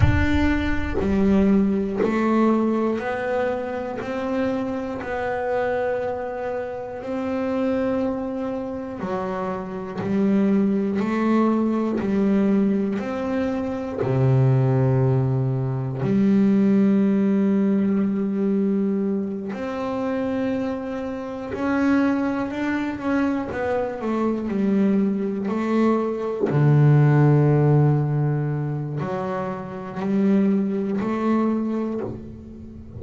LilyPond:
\new Staff \with { instrumentName = "double bass" } { \time 4/4 \tempo 4 = 60 d'4 g4 a4 b4 | c'4 b2 c'4~ | c'4 fis4 g4 a4 | g4 c'4 c2 |
g2.~ g8 c'8~ | c'4. cis'4 d'8 cis'8 b8 | a8 g4 a4 d4.~ | d4 fis4 g4 a4 | }